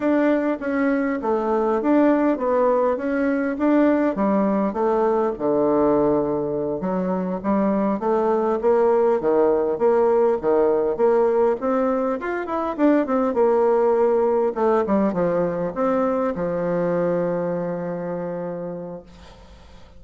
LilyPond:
\new Staff \with { instrumentName = "bassoon" } { \time 4/4 \tempo 4 = 101 d'4 cis'4 a4 d'4 | b4 cis'4 d'4 g4 | a4 d2~ d8 fis8~ | fis8 g4 a4 ais4 dis8~ |
dis8 ais4 dis4 ais4 c'8~ | c'8 f'8 e'8 d'8 c'8 ais4.~ | ais8 a8 g8 f4 c'4 f8~ | f1 | }